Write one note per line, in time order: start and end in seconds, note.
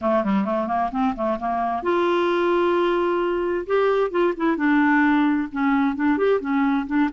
0.01 0.24 A3
0.24 0.44 G3
0.44 0.67 A3
0.67 0.90 A#3
0.91 1.14 C4
1.15 1.38 A3
1.39 1.82 A#3
1.82 3.66 F4
3.66 4.10 G4
4.10 4.33 F4
4.36 4.56 E4
4.56 5.48 D4
5.52 5.95 C#4
5.95 6.17 D4
6.17 6.40 G4
6.40 6.86 C#4
6.86 7.09 D4